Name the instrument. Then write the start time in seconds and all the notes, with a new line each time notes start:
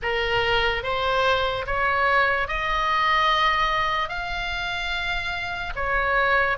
oboe
0.02 A#4
0.83 C5
1.66 C#5
2.47 D#5
4.08 F5
5.75 C#5